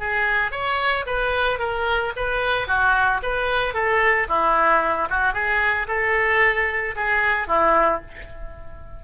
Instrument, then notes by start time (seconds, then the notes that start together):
oboe
0.00 G#4
0.52 C#5
1.07 B4
1.59 A#4
2.16 B4
2.68 F#4
3.23 B4
3.74 A4
4.29 E4
5.10 F#4
5.34 G#4
5.88 A4
6.96 G#4
7.48 E4